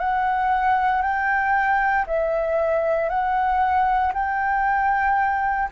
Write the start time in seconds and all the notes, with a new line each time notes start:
0.00 F#5
1.02 G5
2.07 E5
3.09 F#5
4.14 G5